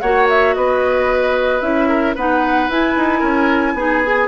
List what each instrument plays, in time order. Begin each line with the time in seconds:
0.00 bassoon A#3, clarinet F#4, oboe C#5, flute F#5
0.29 flute E5
0.54 bassoon B3, oboe B4, flute D#5
1.60 bassoon C#4, clarinet E4, flute E5
1.88 oboe A#4
2.15 bassoon B3, clarinet D#4, oboe B4, flute F#5
2.69 bassoon E4, clarinet E4, flute G#5
2.96 bassoon D#4
3.19 bassoon C#4, oboe A#4
3.73 bassoon B3, clarinet D#4, oboe G#4
4.03 clarinet G#4